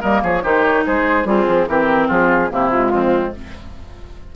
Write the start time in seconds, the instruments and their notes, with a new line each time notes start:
0.00 bassoon G3, clarinet A#3, oboe A#4, flute D#5
0.23 bassoon F3, oboe G#4, flute C#5
0.42 bassoon D#3, clarinet D#4, oboe G4, flute C5
0.63 flute C#5
0.86 bassoon G#3, oboe G#4, flute C5
1.25 bassoon G3, oboe C4, clarinet F4, flute G#4
1.47 bassoon F3
1.67 bassoon E3, clarinet C4, oboe G4, flute A#4
2.07 bassoon F3, oboe F4, flute G#4
2.49 bassoon C3, clarinet A#3, oboe E4, flute G4
2.70 clarinet G#3, flute F4
2.91 bassoon F2, oboe C4